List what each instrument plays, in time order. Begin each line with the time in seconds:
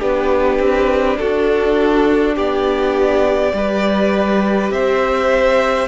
0.00 cello B3, viola D4, violin G4 B4
0.60 cello C4
1.18 cello D4, violin F#4 A4
2.36 cello B3, violin G4 D5
3.53 cello G3, viola G4, violin B4
4.71 cello C4, violin C5 E5